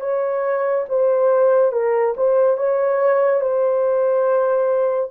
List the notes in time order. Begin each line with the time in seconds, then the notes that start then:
0.00 C#5
0.88 C5
1.72 A#4
2.16 C5
2.57 C#5
3.40 C5